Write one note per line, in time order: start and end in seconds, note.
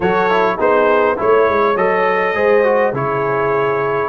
0.00 0.58 F#3
0.00 0.30 F#4
0.00 0.56 A4
0.00 0.59 C#5
0.30 0.58 E4
0.57 1.18 B3
0.57 1.16 D#4
0.57 1.16 G#4
0.57 1.19 C5
1.16 1.49 A3
1.16 1.75 E4
1.16 1.76 C#5
1.16 2.35 C#5
1.49 1.75 G#3
1.75 2.34 F#3
1.75 2.34 A4
1.75 2.94 D#5
2.34 2.93 G#3
2.34 2.63 G#4
2.34 2.92 C5
2.63 2.93 F#4
2.92 4.09 C#3
2.92 4.09 E4
2.92 4.09 G#4
2.92 4.09 C#5